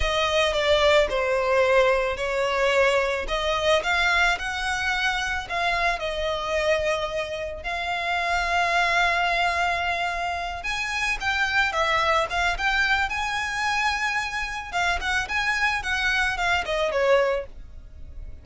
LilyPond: \new Staff \with { instrumentName = "violin" } { \time 4/4 \tempo 4 = 110 dis''4 d''4 c''2 | cis''2 dis''4 f''4 | fis''2 f''4 dis''4~ | dis''2 f''2~ |
f''2.~ f''8 gis''8~ | gis''8 g''4 e''4 f''8 g''4 | gis''2. f''8 fis''8 | gis''4 fis''4 f''8 dis''8 cis''4 | }